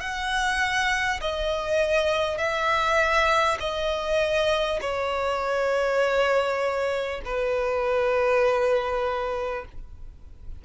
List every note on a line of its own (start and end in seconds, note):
0.00 1.20 F#5
1.21 2.38 D#5
2.38 3.58 E5
3.59 4.79 D#5
4.81 7.21 C#5
7.24 9.64 B4